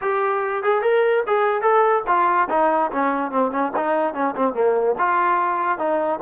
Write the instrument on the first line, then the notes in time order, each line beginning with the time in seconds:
trombone
0.01 G4
0.63 G#4
0.82 A#4
1.26 G#4
1.61 A4
2.07 F4
2.49 D#4
2.91 C#4
3.31 C4
3.51 C#4
3.76 D#4
4.14 C#4
4.36 C4
4.53 A#3
4.98 F4
5.78 D#4